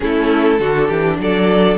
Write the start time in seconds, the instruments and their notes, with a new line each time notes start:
0.00 cello A3, viola C#4, violin E4 A4
0.59 cello D3, viola D4, violin F#4
0.87 cello E3, violin G4
1.19 cello F#3, violin A4 D5